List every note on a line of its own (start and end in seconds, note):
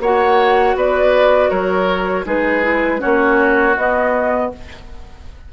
0.00 0.75 A#3
0.00 2.25 F#4
0.00 0.76 C#5
0.00 0.77 F#5
0.75 1.50 B3
0.75 1.50 B4
0.75 1.50 D5
1.50 2.26 F#3
1.50 2.25 A#4
1.50 2.25 C#5
2.25 3.01 G#3
2.25 2.62 D#4
2.25 3.01 G#4
2.25 3.01 B4
2.62 2.99 E4
2.99 3.77 A#3
2.99 3.74 C#4
2.99 4.51 F#4
2.99 3.76 C#5
3.77 4.52 B3
3.77 4.53 B3
3.77 4.52 D#5